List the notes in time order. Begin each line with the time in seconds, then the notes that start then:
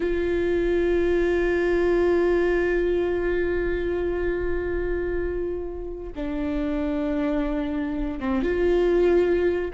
0.00 F4
6.15 D4
8.19 C4
8.42 F4